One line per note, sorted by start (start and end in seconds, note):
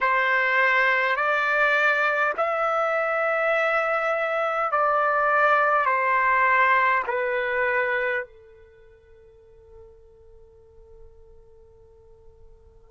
0.01 1.16 C5
1.16 2.33 D5
2.37 4.71 E5
4.71 5.85 D5
5.85 7.03 C5
7.06 8.24 B4
8.24 12.91 A4